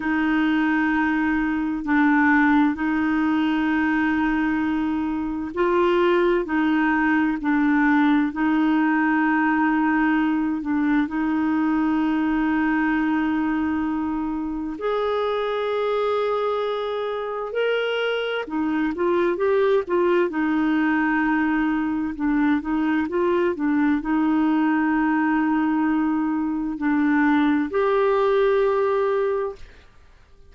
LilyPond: \new Staff \with { instrumentName = "clarinet" } { \time 4/4 \tempo 4 = 65 dis'2 d'4 dis'4~ | dis'2 f'4 dis'4 | d'4 dis'2~ dis'8 d'8 | dis'1 |
gis'2. ais'4 | dis'8 f'8 g'8 f'8 dis'2 | d'8 dis'8 f'8 d'8 dis'2~ | dis'4 d'4 g'2 | }